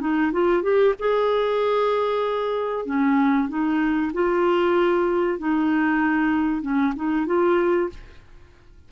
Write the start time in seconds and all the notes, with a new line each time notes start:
0.00 D#4
0.32 F4
0.62 G4
0.98 G#4
2.85 C#4
3.48 D#4
4.13 F4
5.38 D#4
6.61 C#4
6.95 D#4
7.26 F4